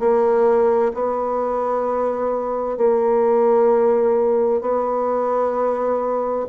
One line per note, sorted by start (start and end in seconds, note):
0.00 0.92 A#3
0.94 2.77 B3
2.77 4.62 A#3
4.62 6.46 B3